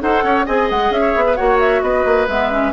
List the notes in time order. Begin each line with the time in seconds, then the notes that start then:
0.00 D#4 A4 C5 F#5
0.23 C#4 C#5
0.45 C4 G#4 D#5 G#5
0.70 G#3 F#5
0.90 C#4 E5
1.00 C#5
1.16 B3
1.26 B4
1.35 A#3 F#4 C#5 F#5
1.59 E5
1.81 B3 B4 D#5
2.05 A#3
2.28 G#3 B3 E5
2.50 C#4